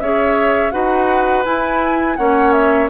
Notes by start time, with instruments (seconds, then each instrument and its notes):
0.00 bassoon C#4, clarinet G#4, oboe C#5, flute E5
0.71 bassoon D#4, clarinet F#4, oboe B4, flute F#5
1.45 clarinet E4, bassoon E4, flute G#5
2.16 bassoon A#3, clarinet C#4, oboe C#5, flute F#5
2.52 flute E5